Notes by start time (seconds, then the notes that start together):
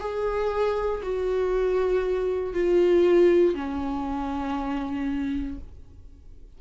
0.00 G#4
1.03 F#4
2.54 F4
3.55 C#4